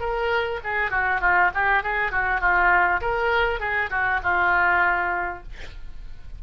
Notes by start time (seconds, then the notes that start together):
0.00 A#4
0.64 G#4
0.91 F#4
1.21 F4
1.55 G4
1.83 G#4
2.12 F#4
2.41 F4
3.01 A#4
3.60 G#4
3.90 F#4
4.23 F4